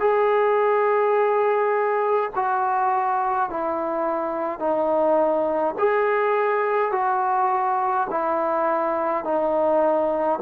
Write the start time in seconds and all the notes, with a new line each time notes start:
0.00 G#4
2.35 F#4
3.50 E4
4.59 D#4
5.78 G#4
6.92 F#4
8.10 E4
9.24 D#4